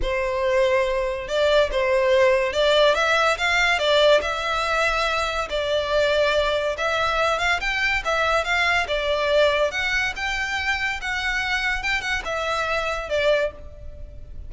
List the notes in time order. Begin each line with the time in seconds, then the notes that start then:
0.02 C5
1.28 D5
1.71 C5
2.52 D5
2.95 E5
3.37 F5
3.78 D5
4.21 E5
5.49 D5
6.77 E5
7.38 F5
7.60 G5
8.04 E5
8.44 F5
8.87 D5
9.71 F#5
10.15 G5
11.01 F#5
11.82 G5
12.01 F#5
12.24 E5
13.09 D5